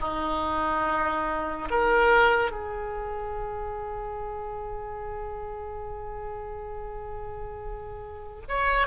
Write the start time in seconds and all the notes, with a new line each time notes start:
0.00 D#4
1.71 A#4
2.52 G#4
8.49 C#5